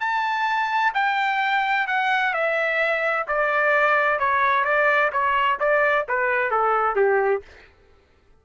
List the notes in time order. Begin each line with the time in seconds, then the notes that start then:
0.00 A5
0.95 G5
1.88 F#5
2.34 E5
3.28 D5
4.20 C#5
4.65 D5
5.13 C#5
5.60 D5
6.09 B4
6.51 A4
6.96 G4